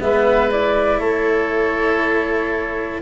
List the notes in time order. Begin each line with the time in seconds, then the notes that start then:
0.00 G#3 B3 B4 E5
0.51 E4 D5
0.99 A3 A4 C#5